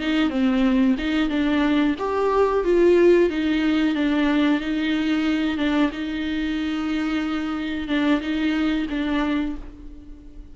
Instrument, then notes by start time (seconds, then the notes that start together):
viola
0.00 D#4
0.30 C4
0.98 D#4
1.29 D4
1.99 G4
2.64 F4
3.29 D#4
3.95 D4
4.61 D#4
5.57 D4
5.92 D#4
7.88 D4
8.21 D#4
8.90 D4